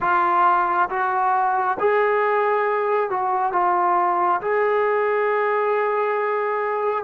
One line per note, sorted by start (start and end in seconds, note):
0.00 0.89 F4
0.89 1.77 F#4
1.79 3.10 G#4
3.10 3.52 F#4
3.52 4.40 F4
4.41 7.04 G#4